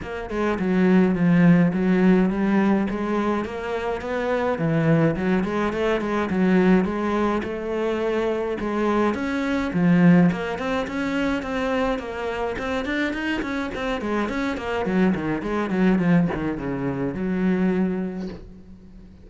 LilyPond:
\new Staff \with { instrumentName = "cello" } { \time 4/4 \tempo 4 = 105 ais8 gis8 fis4 f4 fis4 | g4 gis4 ais4 b4 | e4 fis8 gis8 a8 gis8 fis4 | gis4 a2 gis4 |
cis'4 f4 ais8 c'8 cis'4 | c'4 ais4 c'8 d'8 dis'8 cis'8 | c'8 gis8 cis'8 ais8 fis8 dis8 gis8 fis8 | f8 dis8 cis4 fis2 | }